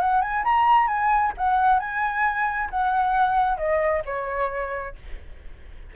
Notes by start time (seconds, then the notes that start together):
0.00 F#5
0.22 G#5
0.45 A#5
0.88 G#5
1.38 F#5
1.80 G#5
2.70 F#5
3.58 D#5
4.06 C#5